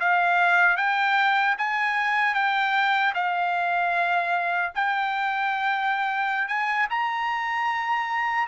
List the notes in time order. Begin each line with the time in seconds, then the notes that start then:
0.00 F5
0.76 G5
1.58 G#5
2.34 G5
3.14 F5
4.75 G5
6.48 G#5
6.90 A#5